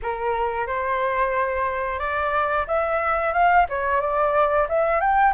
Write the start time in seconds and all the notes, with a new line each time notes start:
0.02 A#4
0.67 C5
1.99 D5
2.67 E5
3.33 F5
3.68 C#5
4.00 D5
4.68 E5
5.00 G5